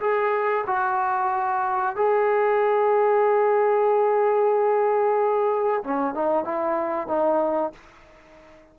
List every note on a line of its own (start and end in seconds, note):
0.00 0.65 G#4
0.67 1.96 F#4
1.96 5.83 G#4
5.84 6.14 C#4
6.14 6.44 D#4
6.44 7.07 E4
7.07 7.72 D#4